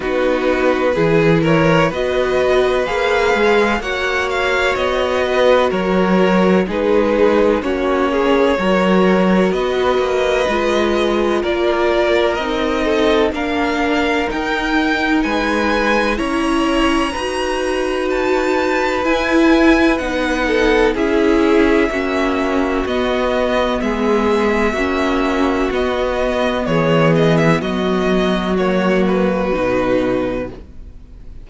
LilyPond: <<
  \new Staff \with { instrumentName = "violin" } { \time 4/4 \tempo 4 = 63 b'4. cis''8 dis''4 f''4 | fis''8 f''8 dis''4 cis''4 b'4 | cis''2 dis''2 | d''4 dis''4 f''4 g''4 |
gis''4 ais''2 a''4 | gis''4 fis''4 e''2 | dis''4 e''2 dis''4 | cis''8 dis''16 e''16 dis''4 cis''8 b'4. | }
  \new Staff \with { instrumentName = "violin" } { \time 4/4 fis'4 gis'8 ais'8 b'2 | cis''4. b'8 ais'4 gis'4 | fis'8 gis'8 ais'4 b'2 | ais'4. a'8 ais'2 |
b'4 cis''4 b'2~ | b'4. a'8 gis'4 fis'4~ | fis'4 gis'4 fis'2 | gis'4 fis'2. | }
  \new Staff \with { instrumentName = "viola" } { \time 4/4 dis'4 e'4 fis'4 gis'4 | fis'2. dis'4 | cis'4 fis'2 f'4~ | f'4 dis'4 d'4 dis'4~ |
dis'4 e'4 fis'2 | e'4 dis'4 e'4 cis'4 | b2 cis'4 b4~ | b2 ais4 dis'4 | }
  \new Staff \with { instrumentName = "cello" } { \time 4/4 b4 e4 b4 ais8 gis8 | ais4 b4 fis4 gis4 | ais4 fis4 b8 ais8 gis4 | ais4 c'4 ais4 dis'4 |
gis4 cis'4 dis'2 | e'4 b4 cis'4 ais4 | b4 gis4 ais4 b4 | e4 fis2 b,4 | }
>>